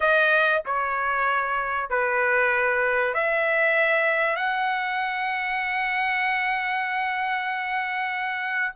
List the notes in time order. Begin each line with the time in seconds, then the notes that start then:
0.00 D#5
0.65 C#5
1.89 B4
3.14 E5
4.36 F#5